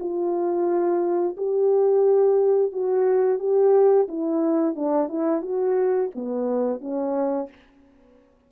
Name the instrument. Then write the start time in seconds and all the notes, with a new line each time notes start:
horn
0.00 F4
1.37 G4
2.72 F#4
3.39 G4
4.08 E4
4.75 D4
5.09 E4
5.42 F#4
6.15 B3
6.81 C#4